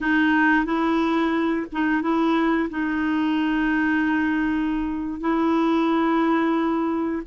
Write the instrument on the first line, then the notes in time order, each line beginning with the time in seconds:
clarinet
0.01 D#4
0.65 E4
1.72 D#4
2.01 E4
2.70 D#4
5.20 E4